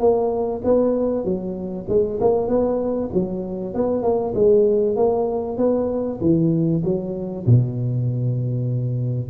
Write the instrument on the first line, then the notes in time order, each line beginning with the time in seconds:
tuba
0.00 A#3
0.65 B3
1.25 F#3
1.89 G#3
2.21 A#3
2.48 B3
3.14 F#3
3.75 B3
4.03 A#3
4.35 G#3
4.97 A#3
5.58 B3
6.21 E3
6.84 F#3
7.46 B2